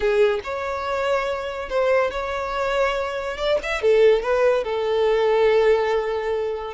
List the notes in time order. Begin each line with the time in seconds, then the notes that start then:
0.00 G#4
0.43 C#5
1.69 C5
2.10 C#5
3.37 D5
3.62 E5
3.81 A4
4.22 B4
4.64 A4